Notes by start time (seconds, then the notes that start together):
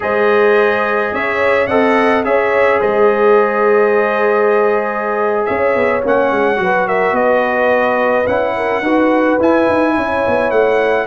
0.00 G#3 G#4 C5 D#5
1.13 C#4 C#5 E5
1.67 C4 A4 D#5 F#5
2.23 C#4 G#4 C#5 E5
2.79 G#3 C5 D#5
5.45 C#4 C#5 E5
5.75 B3
6.03 A#3 C#4 F#5
6.31 G#3
6.56 F#3 F#4
6.62 B4
6.87 A#4 E5
7.12 B3 B4 D#5
8.26 C#4 E4 F#5
8.56 A#4
8.81 D#4 F#4 B4
9.39 E4 G#5
9.68 D#4
9.96 C#4 C#5
10.27 B3
10.50 A3 F#5